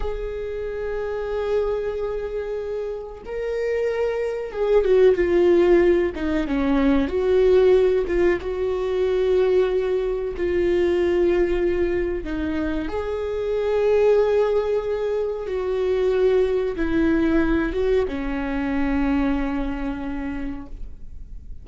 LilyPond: \new Staff \with { instrumentName = "viola" } { \time 4/4 \tempo 4 = 93 gis'1~ | gis'4 ais'2 gis'8 fis'8 | f'4. dis'8 cis'4 fis'4~ | fis'8 f'8 fis'2. |
f'2. dis'4 | gis'1 | fis'2 e'4. fis'8 | cis'1 | }